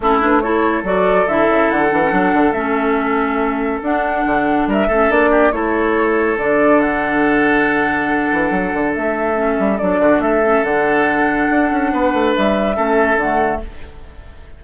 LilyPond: <<
  \new Staff \with { instrumentName = "flute" } { \time 4/4 \tempo 4 = 141 a'8 b'8 cis''4 d''4 e''4 | fis''2 e''2~ | e''4 fis''2 e''4 | d''4 cis''2 d''4 |
fis''1~ | fis''4 e''2 d''4 | e''4 fis''2.~ | fis''4 e''2 fis''4 | }
  \new Staff \with { instrumentName = "oboe" } { \time 4/4 e'4 a'2.~ | a'1~ | a'2. ais'8 a'8~ | a'8 g'8 a'2.~ |
a'1~ | a'2.~ a'8 fis'8 | a'1 | b'2 a'2 | }
  \new Staff \with { instrumentName = "clarinet" } { \time 4/4 cis'8 d'8 e'4 fis'4 e'4~ | e'8 d'16 cis'16 d'4 cis'2~ | cis'4 d'2~ d'8 cis'8 | d'4 e'2 d'4~ |
d'1~ | d'2 cis'4 d'4~ | d'8 cis'8 d'2.~ | d'2 cis'4 a4 | }
  \new Staff \with { instrumentName = "bassoon" } { \time 4/4 a2 fis4 d8 cis8 | d8 e8 fis8 d8 a2~ | a4 d'4 d4 g8 a8 | ais4 a2 d4~ |
d2.~ d8 e8 | fis8 d8 a4. g8 fis8 d8 | a4 d2 d'8 cis'8 | b8 a8 g4 a4 d4 | }
>>